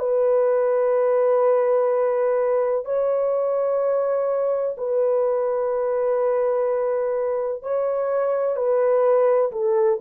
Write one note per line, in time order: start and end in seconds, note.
0.00 2.86 B4
2.86 4.76 C#5
4.78 7.63 B4
7.63 8.57 C#5
8.57 9.52 B4
9.52 10.00 A4